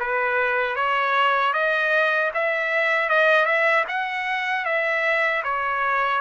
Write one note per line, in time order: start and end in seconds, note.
0.00 0.76 B4
0.76 1.54 C#5
1.54 2.32 D#5
2.34 3.10 E5
3.10 3.46 D#5
3.46 3.85 E5
3.88 4.65 F#5
4.65 5.43 E5
5.44 6.22 C#5